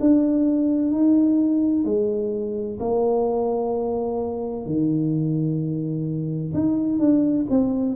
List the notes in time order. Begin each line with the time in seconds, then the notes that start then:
0.00 D4
0.91 D#4
1.85 G#3
2.79 A#3
4.65 D#3
6.53 D#4
6.99 D4
7.50 C4